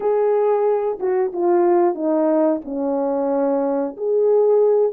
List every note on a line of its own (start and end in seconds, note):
0.00 0.99 G#4
0.99 1.32 F#4
1.32 1.95 F4
1.95 2.60 D#4
2.64 3.96 C#4
3.97 4.92 G#4